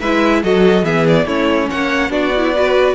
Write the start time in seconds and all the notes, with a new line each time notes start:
0.00 G#3 E4 B4 E5
0.43 F#3 F#4 A4 D#5
0.83 E3 B3 G#4 E5
1.08 D5
1.26 A3 C#4 E4 C#5
1.71 A#3 C#5 F#5
2.10 B3 D4 F#4 D5
2.37 E4
2.55 F#4 B4